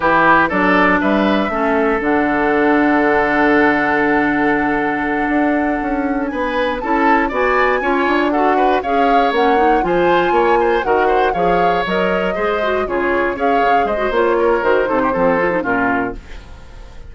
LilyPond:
<<
  \new Staff \with { instrumentName = "flute" } { \time 4/4 \tempo 4 = 119 b'4 d''4 e''2 | fis''1~ | fis''1~ | fis''8 gis''4 a''4 gis''4.~ |
gis''8 fis''4 f''4 fis''4 gis''8~ | gis''4. fis''4 f''4 dis''8~ | dis''4. cis''4 f''4 dis''8 | cis''4 c''2 ais'4 | }
  \new Staff \with { instrumentName = "oboe" } { \time 4/4 g'4 a'4 b'4 a'4~ | a'1~ | a'1~ | a'8 b'4 a'4 d''4 cis''8~ |
cis''8 a'8 b'8 cis''2 c''8~ | c''8 cis''8 c''8 ais'8 c''8 cis''4.~ | cis''8 c''4 gis'4 cis''4 c''8~ | c''8 ais'4 a'16 g'16 a'4 f'4 | }
  \new Staff \with { instrumentName = "clarinet" } { \time 4/4 e'4 d'2 cis'4 | d'1~ | d'1~ | d'4. e'4 fis'4 f'8~ |
f'8 fis'4 gis'4 cis'8 dis'8 f'8~ | f'4. fis'4 gis'4 ais'8~ | ais'8 gis'8 fis'8 f'4 gis'4~ gis'16 fis'16 | f'4 fis'8 dis'8 c'8 f'16 dis'16 cis'4 | }
  \new Staff \with { instrumentName = "bassoon" } { \time 4/4 e4 fis4 g4 a4 | d1~ | d2~ d8 d'4 cis'8~ | cis'8 b4 cis'4 b4 cis'8 |
d'4. cis'4 ais4 f8~ | f8 ais4 dis4 f4 fis8~ | fis8 gis4 cis4 cis'8 cis8 gis8 | ais4 dis8 c8 f4 ais,4 | }
>>